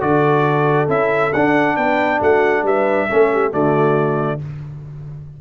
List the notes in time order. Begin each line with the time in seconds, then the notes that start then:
0.00 D3 F#4 A4 D5
0.88 C#4 E4 E5
1.33 D4 F#5
1.76 B3 B4 G5
2.19 A3 F#4 F#5
2.63 G3 B4 E5
3.09 A3 C#4 A4
3.33 G4
3.51 D3 A3 F#4 D5